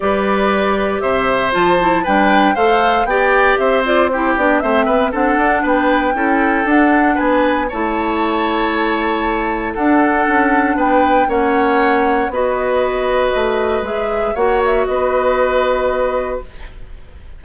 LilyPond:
<<
  \new Staff \with { instrumentName = "flute" } { \time 4/4 \tempo 4 = 117 d''2 e''4 a''4 | g''4 f''4 g''4 e''8 d''8 | c''8 d''8 e''4 fis''4 g''4~ | g''4 fis''4 gis''4 a''4~ |
a''2. fis''4~ | fis''4 g''4 fis''2 | dis''2. e''4 | fis''8 e''8 dis''2. | }
  \new Staff \with { instrumentName = "oboe" } { \time 4/4 b'2 c''2 | b'4 c''4 d''4 c''4 | g'4 c''8 b'8 a'4 b'4 | a'2 b'4 cis''4~ |
cis''2. a'4~ | a'4 b'4 cis''2 | b'1 | cis''4 b'2. | }
  \new Staff \with { instrumentName = "clarinet" } { \time 4/4 g'2. f'8 e'8 | d'4 a'4 g'4. f'8 | e'8 d'8 c'4 d'2 | e'4 d'2 e'4~ |
e'2. d'4~ | d'2 cis'2 | fis'2. gis'4 | fis'1 | }
  \new Staff \with { instrumentName = "bassoon" } { \time 4/4 g2 c4 f4 | g4 a4 b4 c'4~ | c'8 b8 a8 b8 c'8 d'8 b4 | cis'4 d'4 b4 a4~ |
a2. d'4 | cis'4 b4 ais2 | b2 a4 gis4 | ais4 b2. | }
>>